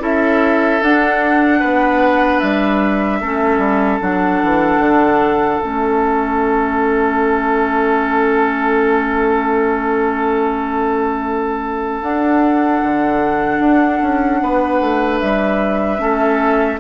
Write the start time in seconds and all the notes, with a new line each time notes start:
0.00 C#4 E4 A4 E5
0.82 D4 F#5
1.60 B3 B4
2.40 G3 E5
3.21 A3 C#4 A4
3.58 G3
4.01 F#3 D4 F#5
4.44 E3
4.79 D3
5.61 A3 C#4 E5
12.02 D4 F#5
12.83 D3
13.60 D4
14.02 C#4
14.42 B3 B4
14.81 A3
15.19 G3 E5
15.98 A3 C#4 A4